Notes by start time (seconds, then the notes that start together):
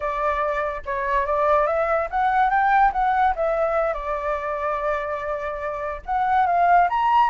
0.00 D5
0.85 C#5
1.25 D5
1.66 E5
2.10 F#5
2.50 G5
2.92 F#5
3.35 E5
3.93 D5
6.05 F#5
6.46 F5
6.89 A#5